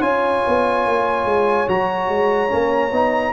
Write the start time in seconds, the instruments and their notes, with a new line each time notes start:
0.00 tuba C#4, trombone F4, horn C#5, trumpet G#5
0.47 tuba B3
0.87 tuba A#3
1.25 tuba G#3
1.67 tuba F#3, trombone F#4, trumpet A#5
2.09 tuba G#3
2.49 tuba A#3, trombone C#4
2.91 tuba B3, trombone D#4